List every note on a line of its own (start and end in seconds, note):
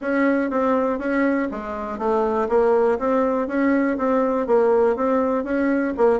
0.01 0.50 C#4
0.50 0.98 C4
0.98 1.48 C#4
1.51 1.98 G#3
1.98 2.48 A3
2.48 2.98 A#3
2.99 3.47 C4
3.47 3.97 C#4
3.97 4.47 C4
4.47 4.96 A#3
4.96 5.43 C4
5.43 5.93 C#4
5.97 6.19 A#3